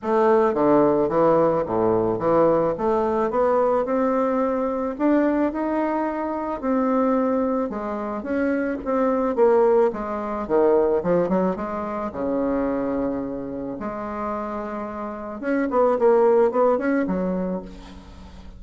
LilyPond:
\new Staff \with { instrumentName = "bassoon" } { \time 4/4 \tempo 4 = 109 a4 d4 e4 a,4 | e4 a4 b4 c'4~ | c'4 d'4 dis'2 | c'2 gis4 cis'4 |
c'4 ais4 gis4 dis4 | f8 fis8 gis4 cis2~ | cis4 gis2. | cis'8 b8 ais4 b8 cis'8 fis4 | }